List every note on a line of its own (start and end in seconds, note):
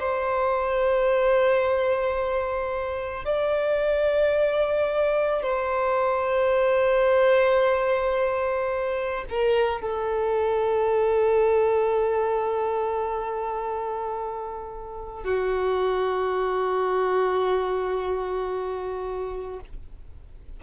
0.00 3.25 C5
3.25 5.43 D5
5.43 9.25 C5
9.29 9.81 A#4
9.81 15.24 A4
15.24 19.61 F#4